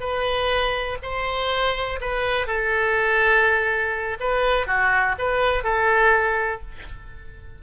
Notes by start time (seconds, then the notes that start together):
0.00 B4
1.02 C5
2.00 B4
2.47 A4
4.20 B4
4.67 F#4
5.18 B4
5.63 A4